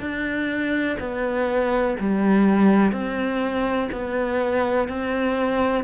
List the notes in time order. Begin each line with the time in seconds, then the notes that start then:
0.00 D4
1.00 B3
1.99 G3
2.92 C4
3.92 B3
4.88 C4